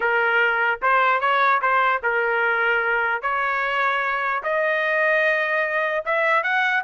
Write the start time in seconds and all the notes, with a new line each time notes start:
0.00 A#4
0.82 C5
1.20 C#5
1.61 C5
2.02 A#4
3.22 C#5
4.43 D#5
6.05 E5
6.43 F#5